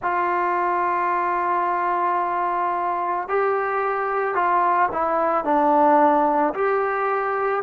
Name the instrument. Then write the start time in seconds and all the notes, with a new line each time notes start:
trombone
0.02 F4
3.28 G4
4.34 F4
4.92 E4
5.44 D4
6.54 G4